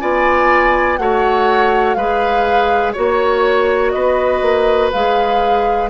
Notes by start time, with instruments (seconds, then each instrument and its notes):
0.00 bassoon B3, clarinet F4, oboe D5, flute G#5
0.97 bassoon A3, clarinet F#4, oboe C#5, flute F#5
1.94 bassoon G#3, clarinet G#4, oboe B4, flute F5
2.93 bassoon A#3, clarinet F#4, oboe C#5, flute C#5
3.91 bassoon B3, oboe B4, flute D#5
4.42 bassoon A#3
4.92 bassoon G#3, clarinet G#4, flute F5